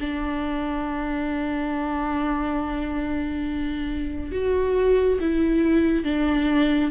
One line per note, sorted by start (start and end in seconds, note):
0.00 4.32 D4
4.32 5.19 F#4
5.20 6.04 E4
6.04 6.91 D4